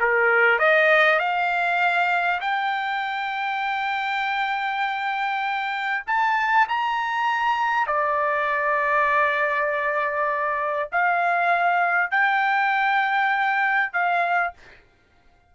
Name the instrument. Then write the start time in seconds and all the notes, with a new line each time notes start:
trumpet
0.00 A#4
0.59 D#5
1.19 F5
2.40 G5
6.07 A5
6.68 A#5
7.87 D5
10.92 F5
12.11 G5
13.93 F5